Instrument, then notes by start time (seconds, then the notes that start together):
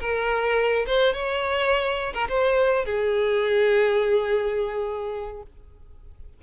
violin
0.00 A#4
0.86 C5
1.14 C#5
2.14 A#4
2.29 C5
2.85 G#4